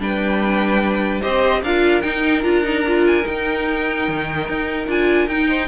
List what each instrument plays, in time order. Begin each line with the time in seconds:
0.00 cello G3, viola D4, violin B4 G5
1.22 cello C4, viola G4, violin C5 D#5
1.63 cello D4, viola F4, violin A#4 F5
2.02 viola D#4, cello D#4, violin G5
2.43 cello D4, viola F4, violin A#5
2.64 viola D#4
2.88 viola F4
3.07 violin G#5
3.23 viola D#4, cello D#4, violin G5
4.09 cello D#3
4.49 cello D#4
4.88 cello D4, viola F4, violin G#5
5.28 cello D#4, viola D#4, violin G5
5.48 violin C5